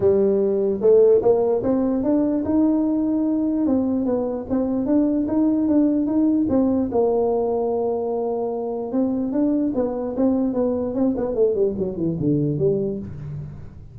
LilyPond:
\new Staff \with { instrumentName = "tuba" } { \time 4/4 \tempo 4 = 148 g2 a4 ais4 | c'4 d'4 dis'2~ | dis'4 c'4 b4 c'4 | d'4 dis'4 d'4 dis'4 |
c'4 ais2.~ | ais2 c'4 d'4 | b4 c'4 b4 c'8 b8 | a8 g8 fis8 e8 d4 g4 | }